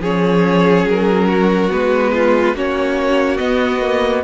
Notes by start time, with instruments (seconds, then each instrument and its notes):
0.00 cello F3, viola C#4, violin G#4 C#5
0.85 cello F#3, violin A#4
1.27 violin F#4
1.70 cello G#3, viola B3, violin B4
2.13 violin F4
2.55 cello A#3, viola C#4, violin F#4 C#5
3.37 viola B3, cello B3, violin D#5
3.81 viola A#3